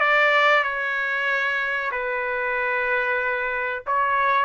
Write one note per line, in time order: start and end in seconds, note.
0.00 0.64 D5
0.64 1.91 C#5
1.91 3.83 B4
3.87 4.45 C#5